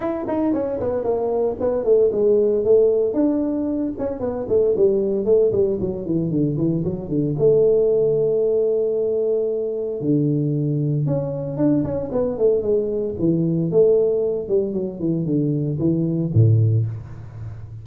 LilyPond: \new Staff \with { instrumentName = "tuba" } { \time 4/4 \tempo 4 = 114 e'8 dis'8 cis'8 b8 ais4 b8 a8 | gis4 a4 d'4. cis'8 | b8 a8 g4 a8 g8 fis8 e8 | d8 e8 fis8 d8 a2~ |
a2. d4~ | d4 cis'4 d'8 cis'8 b8 a8 | gis4 e4 a4. g8 | fis8 e8 d4 e4 a,4 | }